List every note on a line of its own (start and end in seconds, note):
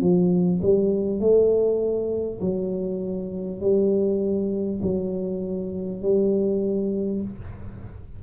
0.00 0.60 F3
0.62 1.19 G3
1.19 2.39 A3
2.41 3.60 F#3
3.60 4.80 G3
4.82 6.01 F#3
6.01 7.21 G3